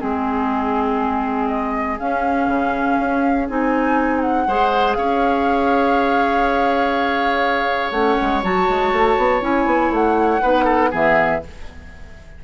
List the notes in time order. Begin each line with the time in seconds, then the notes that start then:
0.00 G#3 C4 G#4
1.48 D#5
2.00 C#4 F5
2.47 C#3
3.00 C#4
3.48 C4 D#4 G#5
4.21 F#5
4.48 G#3 G#4 C5
4.94 C#4 C#5 F5
7.91 A3 C#4 F#5
8.21 G#3
8.43 F#3 F#4 A5
8.69 G#3
8.93 A3
9.18 B3
9.41 C#4 E4 G#5
9.66 B3
9.91 A3 F#5
10.42 B3 D#4 B4
10.65 A4
10.91 E3 B3 G#4 E5